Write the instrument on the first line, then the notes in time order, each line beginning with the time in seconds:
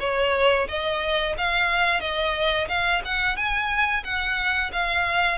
violin
0.00 C#5
0.68 D#5
1.38 F5
2.00 D#5
2.68 F5
3.05 F#5
3.36 G#5
4.04 F#5
4.72 F5